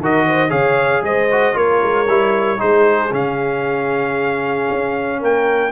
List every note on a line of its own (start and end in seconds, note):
0.00 0.51 D#3
0.00 0.49 F#4
0.00 0.26 A#4
0.00 0.51 D#5
0.27 0.50 C5
0.49 1.01 C#3
0.49 1.27 G#4
0.49 1.02 C#5
0.49 1.03 F5
1.01 1.54 G#3
1.01 1.56 C5
1.01 1.57 D#5
1.32 1.54 F#4
1.54 1.82 A#3
1.54 2.06 F4
1.54 2.60 A#4
1.54 2.60 C#5
1.83 2.08 G#3
2.08 2.60 G3
2.08 2.58 E4
2.58 3.12 G#3
2.58 3.10 D#4
2.58 5.20 G#4
2.58 3.13 C5
3.12 4.68 C#3
3.12 5.72 C#4
3.12 5.23 F5
4.71 5.22 C#4
5.20 5.72 A#3
5.20 5.72 A#4
5.20 5.72 G5